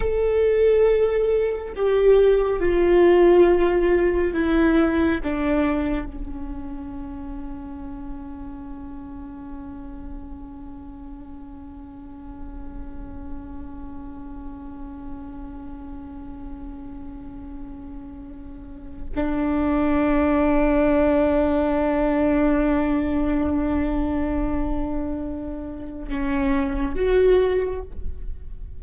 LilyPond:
\new Staff \with { instrumentName = "viola" } { \time 4/4 \tempo 4 = 69 a'2 g'4 f'4~ | f'4 e'4 d'4 cis'4~ | cis'1~ | cis'1~ |
cis'1~ | cis'2 d'2~ | d'1~ | d'2 cis'4 fis'4 | }